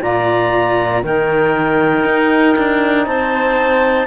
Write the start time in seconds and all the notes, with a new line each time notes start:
0.00 A#2 F4 D5 A#5
1.02 D#3 D#4 A#4 G5
2.04 D#4
2.57 D4
3.05 C4 C5 A5